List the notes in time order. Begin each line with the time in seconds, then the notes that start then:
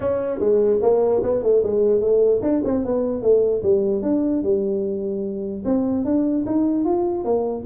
0.00 C#4
0.39 G#3
0.82 A#3
1.23 B3
1.42 A3
1.63 G#3
2.01 A3
2.42 D4
2.64 C4
2.84 B3
3.22 A3
3.63 G3
4.02 D4
4.42 G3
5.64 C4
6.04 D4
6.46 D#4
6.84 F4
7.24 A#3